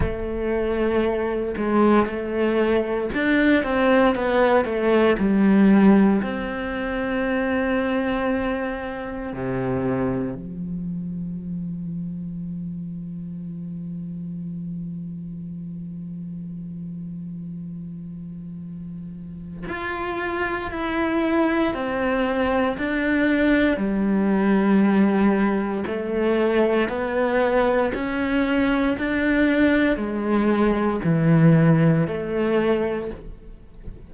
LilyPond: \new Staff \with { instrumentName = "cello" } { \time 4/4 \tempo 4 = 58 a4. gis8 a4 d'8 c'8 | b8 a8 g4 c'2~ | c'4 c4 f2~ | f1~ |
f2. f'4 | e'4 c'4 d'4 g4~ | g4 a4 b4 cis'4 | d'4 gis4 e4 a4 | }